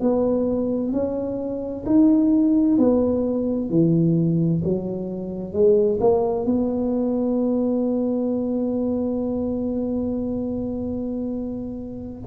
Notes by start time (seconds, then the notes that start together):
0.00 B3
0.92 C#4
1.86 D#4
2.78 B3
3.70 E3
4.64 F#3
5.53 G#3
6.00 A#3
6.45 B3